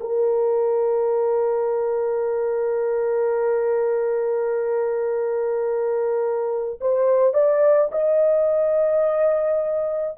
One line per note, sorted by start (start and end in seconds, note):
0.00 6.79 A#4
6.81 7.33 C5
7.33 7.90 D5
7.91 10.17 D#5